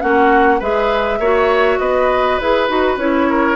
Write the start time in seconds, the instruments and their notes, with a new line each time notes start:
0.00 bassoon A#3, clarinet C#4, oboe F#4, flute F#5
0.59 bassoon G#3, clarinet G#4, oboe B4, flute E5
1.19 bassoon A#3, clarinet F#4, oboe C#5
1.79 bassoon B3, oboe B4, flute D#5
2.38 bassoon E4, clarinet G#4, flute B4
2.68 bassoon D#4, clarinet F#4
2.97 bassoon C#4, clarinet E4, flute C#5
3.29 oboe A#4